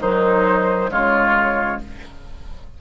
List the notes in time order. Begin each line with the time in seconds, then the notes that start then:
0.00 D#3 F#3 D#4 C5
0.90 C#3 G#3 F4 C#5